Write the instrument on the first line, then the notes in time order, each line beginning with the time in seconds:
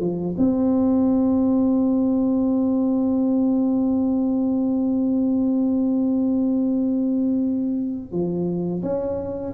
tuba
0.00 F3
0.38 C4
8.12 F3
8.83 C#4